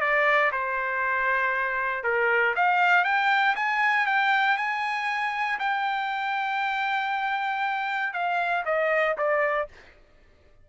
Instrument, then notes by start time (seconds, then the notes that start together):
trumpet
0.00 D5
0.52 C5
2.03 A#4
2.55 F5
3.04 G5
3.55 G#5
4.06 G5
4.57 G#5
5.59 G5
8.13 F5
8.65 D#5
9.17 D5